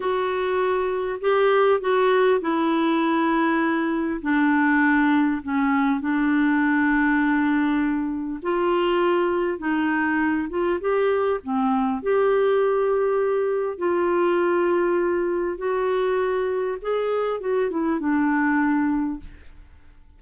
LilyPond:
\new Staff \with { instrumentName = "clarinet" } { \time 4/4 \tempo 4 = 100 fis'2 g'4 fis'4 | e'2. d'4~ | d'4 cis'4 d'2~ | d'2 f'2 |
dis'4. f'8 g'4 c'4 | g'2. f'4~ | f'2 fis'2 | gis'4 fis'8 e'8 d'2 | }